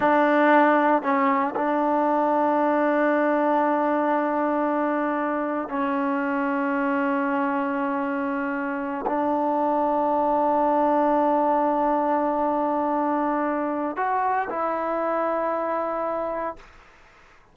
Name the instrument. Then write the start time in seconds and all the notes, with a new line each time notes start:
trombone
0.00 D4
1.02 C#4
1.55 D4
5.68 C#4
9.06 D4
13.96 F#4
14.49 E4